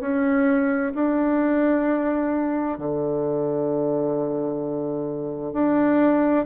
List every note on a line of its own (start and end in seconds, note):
0.00 0.92 C#4
0.94 2.78 D4
2.78 5.53 D3
5.53 6.45 D4